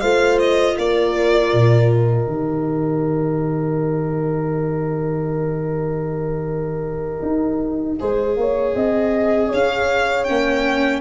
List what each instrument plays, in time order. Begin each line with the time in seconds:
0.00 tuba A3, viola F4, horn C5, violin F5
0.39 violin D#5
0.78 tuba A#3, horn A#4, violin D5
1.53 tuba A#2
1.92 violin D#5
2.27 tuba D#3, viola G4
7.22 tuba D#4
7.99 tuba G#3, viola G#4, horn C5
8.36 tuba A#3, horn C#5
8.75 tuba C4, horn D#5
9.48 tuba C#4, horn C#5, violin F5
10.24 tuba A#3, viola C#4, violin G5